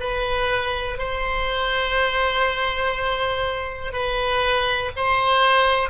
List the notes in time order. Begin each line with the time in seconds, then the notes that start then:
0.00 B4
0.98 C5
3.92 B4
4.96 C5